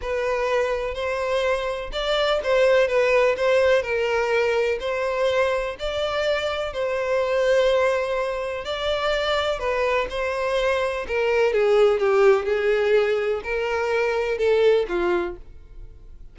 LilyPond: \new Staff \with { instrumentName = "violin" } { \time 4/4 \tempo 4 = 125 b'2 c''2 | d''4 c''4 b'4 c''4 | ais'2 c''2 | d''2 c''2~ |
c''2 d''2 | b'4 c''2 ais'4 | gis'4 g'4 gis'2 | ais'2 a'4 f'4 | }